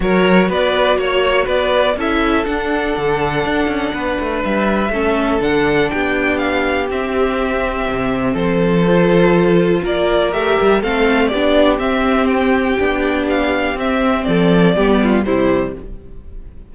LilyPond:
<<
  \new Staff \with { instrumentName = "violin" } { \time 4/4 \tempo 4 = 122 cis''4 d''4 cis''4 d''4 | e''4 fis''2.~ | fis''4 e''2 fis''4 | g''4 f''4 e''2~ |
e''4 c''2. | d''4 e''4 f''4 d''4 | e''4 g''2 f''4 | e''4 d''2 c''4 | }
  \new Staff \with { instrumentName = "violin" } { \time 4/4 ais'4 b'4 cis''4 b'4 | a'1 | b'2 a'2 | g'1~ |
g'4 a'2. | ais'2 a'4 g'4~ | g'1~ | g'4 a'4 g'8 f'8 e'4 | }
  \new Staff \with { instrumentName = "viola" } { \time 4/4 fis'1 | e'4 d'2.~ | d'2 cis'4 d'4~ | d'2 c'2~ |
c'2 f'2~ | f'4 g'4 c'4 d'4 | c'2 d'2 | c'2 b4 g4 | }
  \new Staff \with { instrumentName = "cello" } { \time 4/4 fis4 b4 ais4 b4 | cis'4 d'4 d4 d'8 cis'8 | b8 a8 g4 a4 d4 | b2 c'2 |
c4 f2. | ais4 a8 g8 a4 b4 | c'2 b2 | c'4 f4 g4 c4 | }
>>